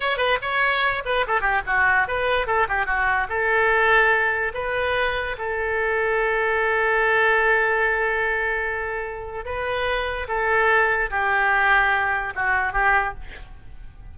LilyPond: \new Staff \with { instrumentName = "oboe" } { \time 4/4 \tempo 4 = 146 cis''8 b'8 cis''4. b'8 a'8 g'8 | fis'4 b'4 a'8 g'8 fis'4 | a'2. b'4~ | b'4 a'2.~ |
a'1~ | a'2. b'4~ | b'4 a'2 g'4~ | g'2 fis'4 g'4 | }